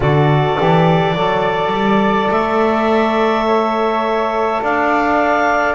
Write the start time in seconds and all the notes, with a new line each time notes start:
0.00 D3 F#4 A4 D5
0.56 E3 G4
1.14 F#3 A4 D5
1.71 G3
2.30 A3 E5
3.46 C#5
4.61 D4 D5 F5